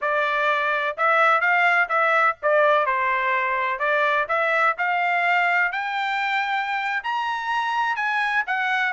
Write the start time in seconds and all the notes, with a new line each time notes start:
0.01 D5
0.97 E5
1.40 F5
1.88 E5
2.42 D5
2.86 C5
3.79 D5
4.28 E5
4.77 F5
5.72 G5
7.03 A#5
7.96 G#5
8.46 F#5